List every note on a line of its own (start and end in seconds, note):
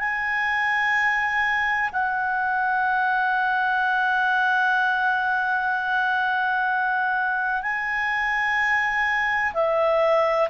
0.00 1.90 G#5
1.93 7.63 F#5
7.63 9.54 G#5
9.54 10.49 E5